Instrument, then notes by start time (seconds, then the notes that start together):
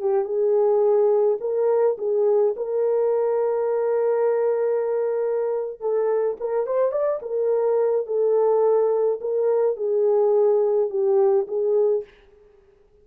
horn
0.00 G4
0.25 G#4
1.40 A#4
1.98 G#4
2.56 A#4
5.80 A4
6.40 A#4
6.66 C5
6.91 D5
7.22 A#4
8.06 A4
9.21 A#4
9.76 G#4
10.90 G4
11.47 G#4